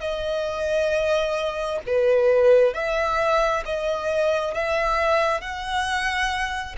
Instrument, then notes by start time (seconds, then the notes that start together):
violin
0.00 D#5
1.86 B4
2.74 E5
3.65 D#5
4.54 E5
5.41 F#5